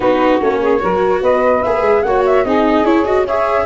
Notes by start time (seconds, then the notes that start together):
0.00 B3 D#4 F#4 B4
0.41 A#3 C#4 C#5
0.61 G#4
0.79 F#3 F#4 A#4
1.21 B3 B4 D#5
1.63 A#3 G#4 E5
1.81 G#3
2.02 A#3 F#4 C#5 F#5
2.25 E5
2.44 C4 D#4 G#4 D#5
2.81 C#4 E4 C#5
3.05 F#4 D#5
3.24 G#4 C#5 E5